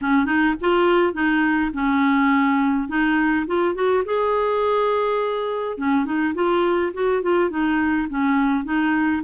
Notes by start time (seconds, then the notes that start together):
0.01 C#4
0.25 D#4
0.60 F4
1.13 D#4
1.73 C#4
2.88 D#4
3.46 F4
3.74 F#4
4.05 G#4
5.77 C#4
6.05 D#4
6.34 F4
6.93 F#4
7.22 F4
7.50 D#4
8.09 C#4
8.64 D#4